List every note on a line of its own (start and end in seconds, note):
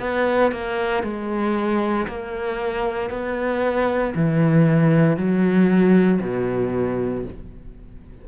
0.00 0.52 B3
0.52 1.03 A#3
1.03 2.07 G#3
2.08 3.10 A#3
3.10 4.14 B3
4.15 5.17 E3
5.17 6.21 F#3
6.22 7.25 B2